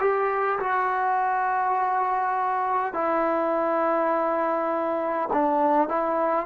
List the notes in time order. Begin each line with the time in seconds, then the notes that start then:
0.00 G4
0.59 F#4
2.93 E4
5.33 D4
5.88 E4